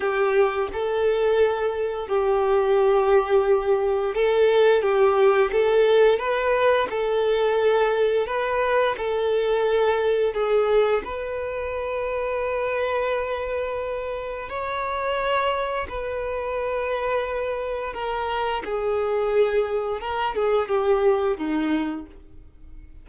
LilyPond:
\new Staff \with { instrumentName = "violin" } { \time 4/4 \tempo 4 = 87 g'4 a'2 g'4~ | g'2 a'4 g'4 | a'4 b'4 a'2 | b'4 a'2 gis'4 |
b'1~ | b'4 cis''2 b'4~ | b'2 ais'4 gis'4~ | gis'4 ais'8 gis'8 g'4 dis'4 | }